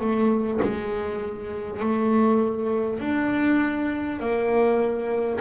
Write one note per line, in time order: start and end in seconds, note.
0.00 0.60 A3
0.62 1.81 G#3
1.81 3.00 A3
3.00 4.19 D4
4.19 5.39 A#3